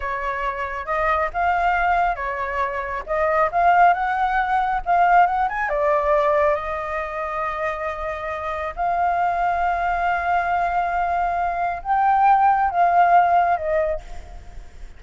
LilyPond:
\new Staff \with { instrumentName = "flute" } { \time 4/4 \tempo 4 = 137 cis''2 dis''4 f''4~ | f''4 cis''2 dis''4 | f''4 fis''2 f''4 | fis''8 gis''8 d''2 dis''4~ |
dis''1 | f''1~ | f''2. g''4~ | g''4 f''2 dis''4 | }